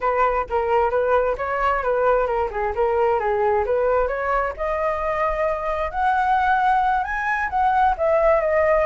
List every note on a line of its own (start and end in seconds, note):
0.01 0.46 B4
0.49 0.90 A#4
0.90 1.36 B4
1.37 1.83 C#5
1.83 2.26 B4
2.26 2.49 A#4
2.50 2.73 G#4
2.75 3.19 A#4
3.19 3.65 G#4
3.65 4.07 B4
4.07 4.53 C#5
4.57 5.90 D#5
5.90 7.03 F#5
7.03 7.49 G#5
7.49 7.95 F#5
7.97 8.40 E5
8.40 8.85 D#5